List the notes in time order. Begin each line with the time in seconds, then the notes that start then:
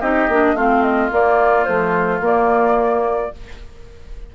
0.00 C4 D#4 G4 D#5
0.28 A#3 D4
0.54 A3 C4 F4 F5
0.82 D#5
1.10 A#3 D5
1.64 F3 A3 C5
2.20 A#3 D5